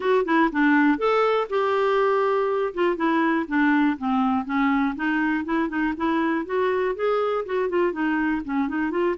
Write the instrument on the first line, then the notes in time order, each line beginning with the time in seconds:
clarinet
0.00 F#4
0.25 E4
0.52 D4
0.97 A4
1.49 G4
2.74 F4
2.96 E4
3.47 D4
3.98 C4
4.45 C#4
4.95 D#4
5.44 E4
5.68 D#4
5.96 E4
6.45 F#4
6.95 G#4
7.45 F#4
7.69 F4
7.92 D#4
8.44 C#4
8.68 D#4
8.91 F4